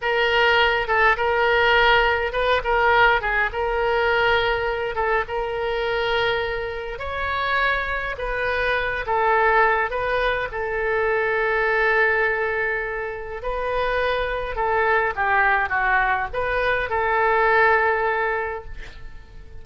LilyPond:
\new Staff \with { instrumentName = "oboe" } { \time 4/4 \tempo 4 = 103 ais'4. a'8 ais'2 | b'8 ais'4 gis'8 ais'2~ | ais'8 a'8 ais'2. | cis''2 b'4. a'8~ |
a'4 b'4 a'2~ | a'2. b'4~ | b'4 a'4 g'4 fis'4 | b'4 a'2. | }